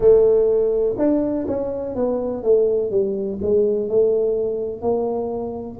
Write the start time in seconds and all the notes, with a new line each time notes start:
0.00 A3
0.98 D4
1.47 C#4
1.95 B3
2.43 A3
2.90 G3
3.42 G#3
3.88 A3
4.81 A#3